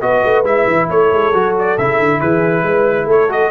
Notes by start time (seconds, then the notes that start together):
0.00 B3 F#4 B4 D#5
0.24 A3
0.44 G#3 E4 E5
0.67 E3
0.88 A3 A4 C#5
1.13 G#3
1.34 F#3 F#4
1.59 D5
1.78 C#3 E4 E5
2.00 D3
2.20 E3 G#4 B4
2.63 G#3 B4
3.06 A3 A4 C#5
3.29 F#4 D#5